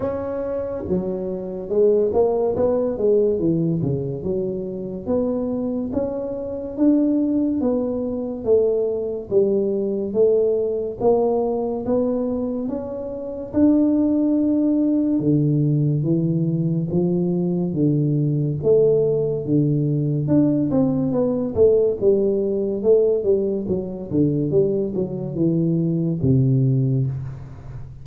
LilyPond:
\new Staff \with { instrumentName = "tuba" } { \time 4/4 \tempo 4 = 71 cis'4 fis4 gis8 ais8 b8 gis8 | e8 cis8 fis4 b4 cis'4 | d'4 b4 a4 g4 | a4 ais4 b4 cis'4 |
d'2 d4 e4 | f4 d4 a4 d4 | d'8 c'8 b8 a8 g4 a8 g8 | fis8 d8 g8 fis8 e4 c4 | }